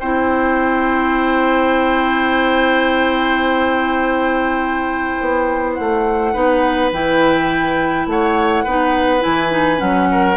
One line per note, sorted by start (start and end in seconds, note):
0.00 5.21 C4
0.00 6.34 E4
0.00 6.34 C5
0.00 5.75 G5
5.21 5.78 B3
5.75 6.35 A3
5.75 6.90 F#5
6.34 6.92 B3
6.34 6.92 D#4
6.34 8.07 B4
6.92 8.07 E3
6.92 8.66 E4
6.92 8.09 G5
8.07 8.64 A3
8.07 8.64 C#5
8.07 9.23 F#5
8.64 9.24 B3
8.64 9.20 D#4
8.64 10.09 B4
9.20 9.81 E3
9.20 9.49 E4
9.20 9.80 G#5
9.50 9.77 D#4
9.77 10.37 F#3
9.77 10.35 C#4
9.77 10.37 F#5
10.12 10.37 A#4